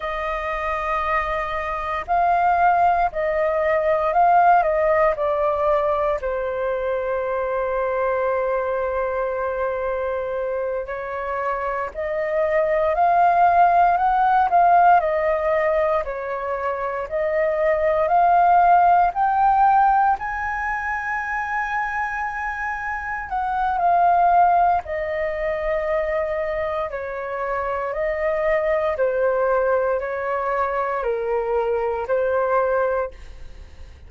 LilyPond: \new Staff \with { instrumentName = "flute" } { \time 4/4 \tempo 4 = 58 dis''2 f''4 dis''4 | f''8 dis''8 d''4 c''2~ | c''2~ c''8 cis''4 dis''8~ | dis''8 f''4 fis''8 f''8 dis''4 cis''8~ |
cis''8 dis''4 f''4 g''4 gis''8~ | gis''2~ gis''8 fis''8 f''4 | dis''2 cis''4 dis''4 | c''4 cis''4 ais'4 c''4 | }